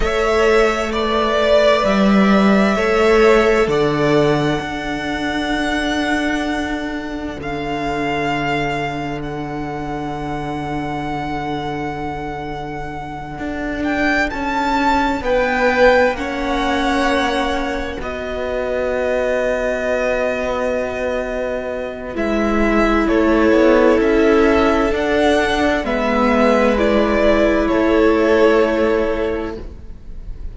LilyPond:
<<
  \new Staff \with { instrumentName = "violin" } { \time 4/4 \tempo 4 = 65 e''4 d''4 e''2 | fis''1 | f''2 fis''2~ | fis''2. g''8 a''8~ |
a''8 g''4 fis''2 dis''8~ | dis''1 | e''4 cis''4 e''4 fis''4 | e''4 d''4 cis''2 | }
  \new Staff \with { instrumentName = "violin" } { \time 4/4 cis''4 d''2 cis''4 | d''4 a'2.~ | a'1~ | a'1~ |
a'8 b'4 cis''2 b'8~ | b'1~ | b'4 a'2. | b'2 a'2 | }
  \new Staff \with { instrumentName = "viola" } { \time 4/4 a'4 b'2 a'4~ | a'4 d'2.~ | d'1~ | d'1~ |
d'4. cis'2 fis'8~ | fis'1 | e'2. d'4 | b4 e'2. | }
  \new Staff \with { instrumentName = "cello" } { \time 4/4 a2 g4 a4 | d4 d'2. | d1~ | d2~ d8 d'4 cis'8~ |
cis'8 b4 ais2 b8~ | b1 | gis4 a8 b8 cis'4 d'4 | gis2 a2 | }
>>